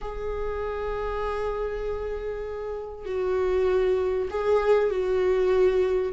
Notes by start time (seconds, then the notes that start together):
0.01 G#4
3.05 F#4
4.30 G#4
4.90 F#4